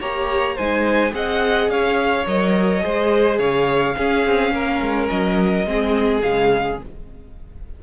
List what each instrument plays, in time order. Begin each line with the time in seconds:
0.00 cello A#3, viola G4, violin C#5 A#5
0.56 cello G#3, viola D#4, violin C5 G#5
1.11 cello C4, viola G#4, violin D#5 F#5
1.69 cello C#4, violin C#5 F5
2.26 cello F#3, viola A#4, violin D#5
2.82 cello G#3, viola G#4, violin C5
3.39 cello C#3, violin C#5 F5
3.96 viola C#4, cello C#4, violin G#4
4.26 cello C4
4.52 cello A#3, violin A#4
4.81 cello G#3
5.10 cello F#3, violin D#5
5.66 cello G#3, viola C4, violin G#4
6.22 cello C#3, viola G#3, violin F5